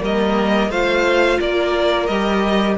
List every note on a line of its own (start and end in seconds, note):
0.00 0.70 G3
0.00 0.69 A#3
0.00 0.71 A#4
0.00 0.71 D#5
0.70 1.39 A3
0.70 2.10 F4
0.70 1.40 C5
0.70 1.40 F5
1.40 2.08 A#3
1.40 2.78 A#4
1.40 2.07 D5
2.07 2.77 G3
2.07 2.78 G4
2.07 2.76 D#5